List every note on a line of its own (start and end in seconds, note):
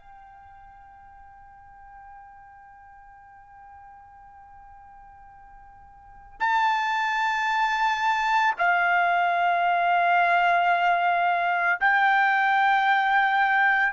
0.00 6.40 G5
6.40 8.54 A5
8.58 11.80 F5
11.81 13.93 G5